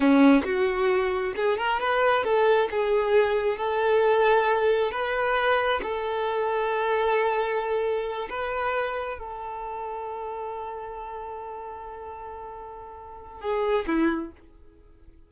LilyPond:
\new Staff \with { instrumentName = "violin" } { \time 4/4 \tempo 4 = 134 cis'4 fis'2 gis'8 ais'8 | b'4 a'4 gis'2 | a'2. b'4~ | b'4 a'2.~ |
a'2~ a'8 b'4.~ | b'8 a'2.~ a'8~ | a'1~ | a'2 gis'4 e'4 | }